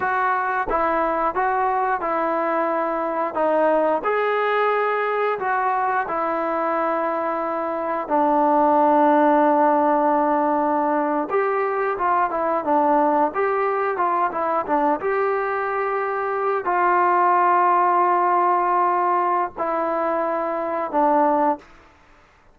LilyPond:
\new Staff \with { instrumentName = "trombone" } { \time 4/4 \tempo 4 = 89 fis'4 e'4 fis'4 e'4~ | e'4 dis'4 gis'2 | fis'4 e'2. | d'1~ |
d'8. g'4 f'8 e'8 d'4 g'16~ | g'8. f'8 e'8 d'8 g'4.~ g'16~ | g'8. f'2.~ f'16~ | f'4 e'2 d'4 | }